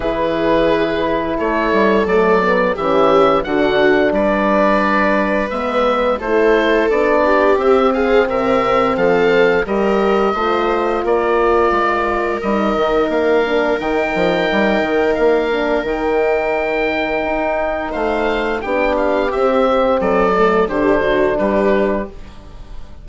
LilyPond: <<
  \new Staff \with { instrumentName = "oboe" } { \time 4/4 \tempo 4 = 87 b'2 cis''4 d''4 | e''4 fis''4 d''2 | e''4 c''4 d''4 e''8 f''8 | e''4 f''4 dis''2 |
d''2 dis''4 f''4 | g''2 f''4 g''4~ | g''2 f''4 g''8 f''8 | e''4 d''4 c''4 b'4 | }
  \new Staff \with { instrumentName = "viola" } { \time 4/4 gis'2 a'2 | g'4 fis'4 b'2~ | b'4 a'4. g'4 gis'8 | ais'4 a'4 ais'4 c''4 |
ais'1~ | ais'1~ | ais'2 c''4 g'4~ | g'4 a'4 g'8 fis'8 g'4 | }
  \new Staff \with { instrumentName = "horn" } { \time 4/4 e'2. a8 b8 | cis'4 d'2. | b4 e'4 d'4 c'4~ | c'2 g'4 f'4~ |
f'2 dis'4. d'8 | dis'2~ dis'8 d'8 dis'4~ | dis'2. d'4 | c'4. a8 d'2 | }
  \new Staff \with { instrumentName = "bassoon" } { \time 4/4 e2 a8 g8 fis4 | e4 d4 g2 | gis4 a4 b4 c'4 | c4 f4 g4 a4 |
ais4 gis4 g8 dis8 ais4 | dis8 f8 g8 dis8 ais4 dis4~ | dis4 dis'4 a4 b4 | c'4 fis4 d4 g4 | }
>>